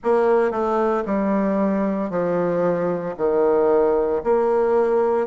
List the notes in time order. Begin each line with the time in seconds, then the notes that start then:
0.03 A#3
0.51 A3
1.05 G3
2.10 F3
3.17 D#3
4.23 A#3